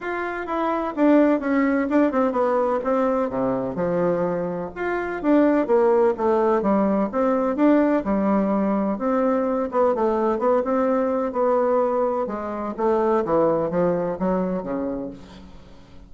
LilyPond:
\new Staff \with { instrumentName = "bassoon" } { \time 4/4 \tempo 4 = 127 f'4 e'4 d'4 cis'4 | d'8 c'8 b4 c'4 c4 | f2 f'4 d'4 | ais4 a4 g4 c'4 |
d'4 g2 c'4~ | c'8 b8 a4 b8 c'4. | b2 gis4 a4 | e4 f4 fis4 cis4 | }